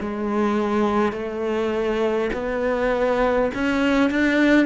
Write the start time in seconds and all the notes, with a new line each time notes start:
0.00 G#3
1.12 A3
2.33 B3
3.54 C#4
4.10 D4